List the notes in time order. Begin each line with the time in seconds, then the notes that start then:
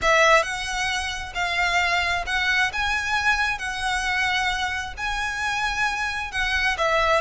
0.01 E5
0.42 F#5
1.34 F5
2.26 F#5
2.72 G#5
3.58 F#5
4.97 G#5
6.31 F#5
6.77 E5